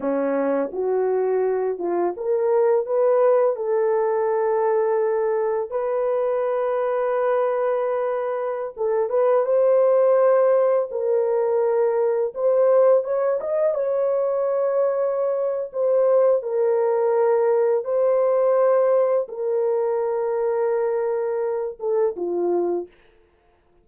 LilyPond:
\new Staff \with { instrumentName = "horn" } { \time 4/4 \tempo 4 = 84 cis'4 fis'4. f'8 ais'4 | b'4 a'2. | b'1~ | b'16 a'8 b'8 c''2 ais'8.~ |
ais'4~ ais'16 c''4 cis''8 dis''8 cis''8.~ | cis''2 c''4 ais'4~ | ais'4 c''2 ais'4~ | ais'2~ ais'8 a'8 f'4 | }